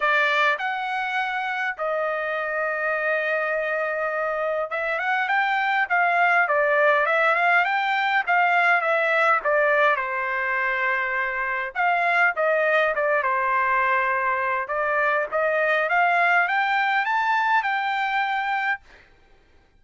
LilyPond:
\new Staff \with { instrumentName = "trumpet" } { \time 4/4 \tempo 4 = 102 d''4 fis''2 dis''4~ | dis''1 | e''8 fis''8 g''4 f''4 d''4 | e''8 f''8 g''4 f''4 e''4 |
d''4 c''2. | f''4 dis''4 d''8 c''4.~ | c''4 d''4 dis''4 f''4 | g''4 a''4 g''2 | }